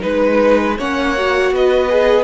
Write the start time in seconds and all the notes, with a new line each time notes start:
0.00 G#3 D#4 B4
0.78 A#3 C#4 C#5 F#5
1.17 F#4
1.51 B3 B4 D#5
1.89 G#4